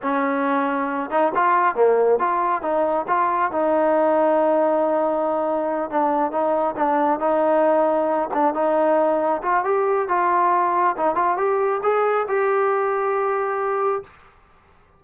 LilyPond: \new Staff \with { instrumentName = "trombone" } { \time 4/4 \tempo 4 = 137 cis'2~ cis'8 dis'8 f'4 | ais4 f'4 dis'4 f'4 | dis'1~ | dis'4. d'4 dis'4 d'8~ |
d'8 dis'2~ dis'8 d'8 dis'8~ | dis'4. f'8 g'4 f'4~ | f'4 dis'8 f'8 g'4 gis'4 | g'1 | }